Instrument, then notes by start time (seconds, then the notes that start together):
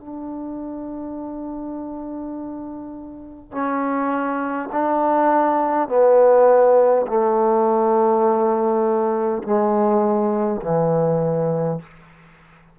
trombone
0.00 D4
3.51 C#4
4.72 D4
5.88 B3
7.07 A3
9.43 G#3
10.61 E3